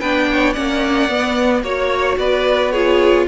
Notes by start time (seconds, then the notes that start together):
0.00 B3 D4 B4 G5
0.32 C#5
0.54 A#3 C#4 D5 F#5
1.09 B3
1.63 A#3 F#4 C#5
2.18 B3 B4 D5
2.72 F4 G#4 C#5